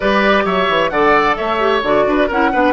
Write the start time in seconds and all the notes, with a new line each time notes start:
0.00 G3 G4 B4 D5
0.45 F#3 C#5 E5
0.68 E3
0.89 D3 A4 D5 F#5
1.36 A3 C#5 E5
1.58 G4
1.82 D3 F#4 D5
2.06 D4 B4
2.27 C#4 E4 A#4 F#5
2.52 B3 D4 B4